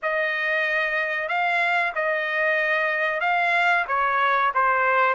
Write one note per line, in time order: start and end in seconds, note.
0.02 1.28 D#5
1.28 1.92 F5
1.95 3.20 D#5
3.20 3.85 F5
3.87 4.52 C#5
4.54 5.14 C5